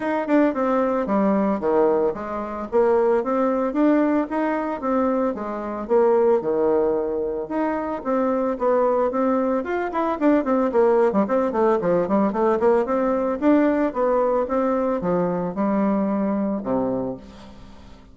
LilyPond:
\new Staff \with { instrumentName = "bassoon" } { \time 4/4 \tempo 4 = 112 dis'8 d'8 c'4 g4 dis4 | gis4 ais4 c'4 d'4 | dis'4 c'4 gis4 ais4 | dis2 dis'4 c'4 |
b4 c'4 f'8 e'8 d'8 c'8 | ais8. g16 c'8 a8 f8 g8 a8 ais8 | c'4 d'4 b4 c'4 | f4 g2 c4 | }